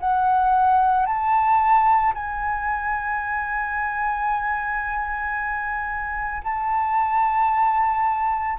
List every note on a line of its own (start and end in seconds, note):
0.00 1.06 F#5
1.06 2.13 A5
2.14 6.42 G#5
6.43 8.58 A5